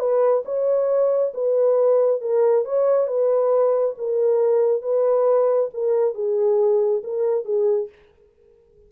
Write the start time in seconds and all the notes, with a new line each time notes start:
0.00 B4
0.46 C#5
1.34 B4
2.22 A#4
2.65 C#5
3.08 B4
3.98 A#4
4.83 B4
5.74 A#4
6.15 G#4
7.04 A#4
7.46 G#4